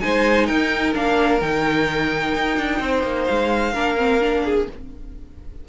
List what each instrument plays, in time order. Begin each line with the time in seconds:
0.00 cello G#3, viola D#4, violin C5 G#5
0.46 cello D#4, violin A#4 G5
0.94 cello A#3, viola D4, violin F5
1.41 cello D#3, viola D#4, violin G5
2.35 cello D#4
2.57 cello D4
2.80 cello C4, violin C5
3.03 cello A#3
3.25 cello G#3, violin F5
3.73 cello A#3, viola D4, violin A#4
3.97 viola C4
4.20 viola D4
4.45 violin G#4